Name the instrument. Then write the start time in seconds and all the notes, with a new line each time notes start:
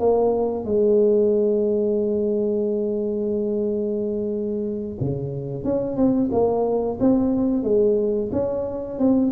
tuba
0.00 A#3
0.65 G#3
5.01 C#3
5.64 C#4
5.97 C4
6.32 A#3
7.00 C4
7.63 G#3
8.32 C#4
8.99 C4